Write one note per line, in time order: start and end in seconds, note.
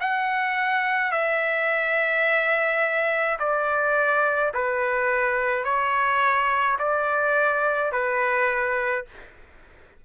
0.00 1.11 F#5
1.11 3.38 E5
3.39 4.52 D5
4.53 5.64 B4
5.64 6.77 C#5
6.78 7.91 D5
7.91 9.05 B4